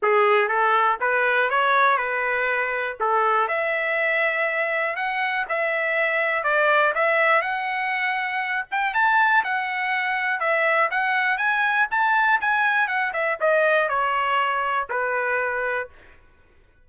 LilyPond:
\new Staff \with { instrumentName = "trumpet" } { \time 4/4 \tempo 4 = 121 gis'4 a'4 b'4 cis''4 | b'2 a'4 e''4~ | e''2 fis''4 e''4~ | e''4 d''4 e''4 fis''4~ |
fis''4. g''8 a''4 fis''4~ | fis''4 e''4 fis''4 gis''4 | a''4 gis''4 fis''8 e''8 dis''4 | cis''2 b'2 | }